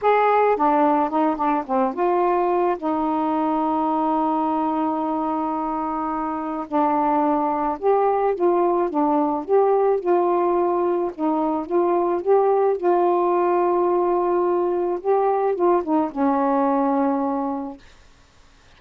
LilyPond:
\new Staff \with { instrumentName = "saxophone" } { \time 4/4 \tempo 4 = 108 gis'4 d'4 dis'8 d'8 c'8 f'8~ | f'4 dis'2.~ | dis'1 | d'2 g'4 f'4 |
d'4 g'4 f'2 | dis'4 f'4 g'4 f'4~ | f'2. g'4 | f'8 dis'8 cis'2. | }